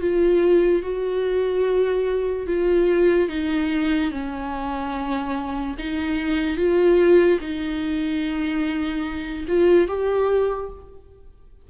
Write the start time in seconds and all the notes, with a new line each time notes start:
0.00 F4
0.82 F#4
2.46 F4
3.28 D#4
4.11 C#4
5.78 D#4
6.56 F4
7.40 D#4
9.47 F4
9.87 G4